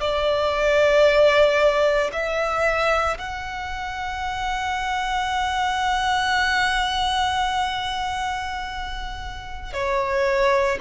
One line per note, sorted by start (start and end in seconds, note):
0.00 2.11 D5
2.12 3.18 E5
3.18 9.73 F#5
9.73 10.78 C#5